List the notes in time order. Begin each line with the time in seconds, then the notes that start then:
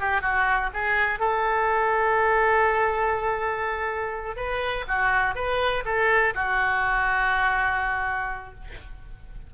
0.00 G4
0.22 F#4
0.73 G#4
1.20 A4
4.36 B4
4.88 F#4
5.35 B4
5.85 A4
6.35 F#4